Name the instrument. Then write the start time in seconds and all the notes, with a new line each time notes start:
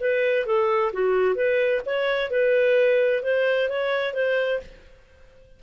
clarinet
0.00 B4
0.46 A4
0.93 F#4
1.35 B4
1.86 C#5
2.31 B4
3.23 C5
3.70 C#5
4.14 C5